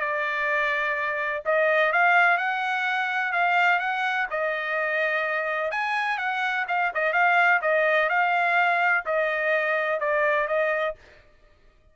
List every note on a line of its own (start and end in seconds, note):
0.00 1.43 D5
1.45 1.92 D#5
1.92 2.37 F5
2.37 3.32 F#5
3.32 3.79 F5
3.79 4.27 F#5
4.30 5.71 D#5
5.71 6.18 G#5
6.18 6.65 F#5
6.68 6.92 F5
6.94 7.13 D#5
7.13 7.60 F5
7.61 8.09 D#5
8.09 9.04 F5
9.05 10.00 D#5
10.00 10.47 D5
10.47 10.95 D#5